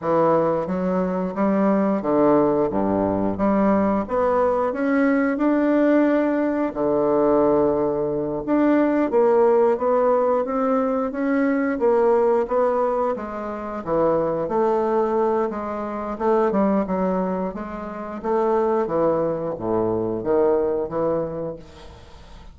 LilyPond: \new Staff \with { instrumentName = "bassoon" } { \time 4/4 \tempo 4 = 89 e4 fis4 g4 d4 | g,4 g4 b4 cis'4 | d'2 d2~ | d8 d'4 ais4 b4 c'8~ |
c'8 cis'4 ais4 b4 gis8~ | gis8 e4 a4. gis4 | a8 g8 fis4 gis4 a4 | e4 a,4 dis4 e4 | }